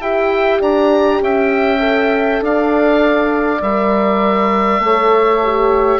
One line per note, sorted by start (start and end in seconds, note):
0.00 0.60 E4
0.00 1.79 G4
0.00 0.59 E5
0.00 0.61 G5
0.59 1.21 D4
0.59 1.20 D5
0.59 1.22 A#5
1.21 2.41 C#4
1.21 2.43 E5
1.21 2.44 G5
1.79 3.59 A4
2.41 3.61 D4
2.41 4.83 D5
2.41 3.62 F5
3.62 4.79 G3
3.62 4.82 A#4
3.62 6.00 E5
4.79 5.99 A3
4.79 5.42 A4
4.79 6.00 C#5
5.43 6.00 G4